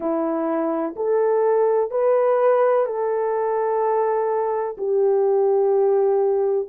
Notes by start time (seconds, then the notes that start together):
0.00 E4
0.95 A4
1.90 B4
2.86 A4
4.77 G4